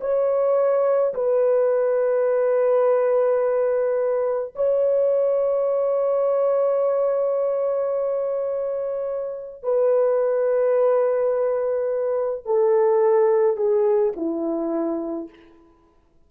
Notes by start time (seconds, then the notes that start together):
0.00 C#5
1.14 B4
4.55 C#5
9.63 B4
12.45 A4
13.56 G#4
14.16 E4